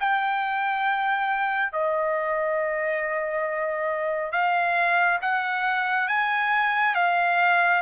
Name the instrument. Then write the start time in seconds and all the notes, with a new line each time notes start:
trumpet
0.00 G5
1.72 D#5
4.32 F5
5.21 F#5
6.08 G#5
6.95 F5